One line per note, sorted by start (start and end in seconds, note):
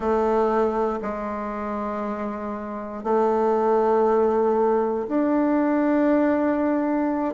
0.00 0.99 A3
1.02 3.03 G#3
3.03 5.07 A3
5.08 7.34 D4